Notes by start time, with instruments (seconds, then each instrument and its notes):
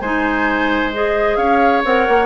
0.00 bassoon G#3, clarinet D#4, oboe C5, flute G#5
0.92 clarinet G#4, flute D#5
1.36 bassoon C#4, oboe C#5, flute F5
1.85 bassoon C4, clarinet A#4, flute F#5
2.08 bassoon A#3